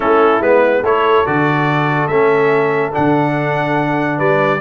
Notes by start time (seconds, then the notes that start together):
0.00 A3 C#4 E4 A4
0.40 G#3 B3 B4
0.82 A3 E4 A4 C#5
1.26 D3 F#4 D5
2.06 A3 C#4 E5
2.92 D3 D4 F#5
4.17 G3 B4 D5